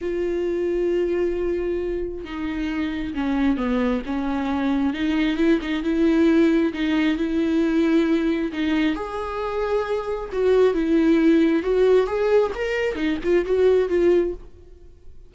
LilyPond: \new Staff \with { instrumentName = "viola" } { \time 4/4 \tempo 4 = 134 f'1~ | f'4 dis'2 cis'4 | b4 cis'2 dis'4 | e'8 dis'8 e'2 dis'4 |
e'2. dis'4 | gis'2. fis'4 | e'2 fis'4 gis'4 | ais'4 dis'8 f'8 fis'4 f'4 | }